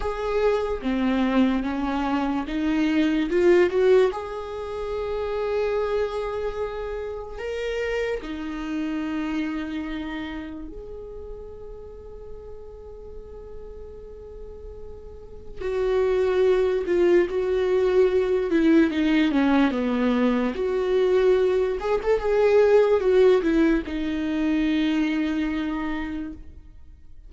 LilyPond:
\new Staff \with { instrumentName = "viola" } { \time 4/4 \tempo 4 = 73 gis'4 c'4 cis'4 dis'4 | f'8 fis'8 gis'2.~ | gis'4 ais'4 dis'2~ | dis'4 gis'2.~ |
gis'2. fis'4~ | fis'8 f'8 fis'4. e'8 dis'8 cis'8 | b4 fis'4. gis'16 a'16 gis'4 | fis'8 e'8 dis'2. | }